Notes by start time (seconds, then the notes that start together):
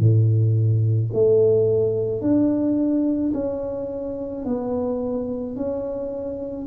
0.00 A2
1.14 A3
2.22 D4
3.34 C#4
4.45 B3
5.57 C#4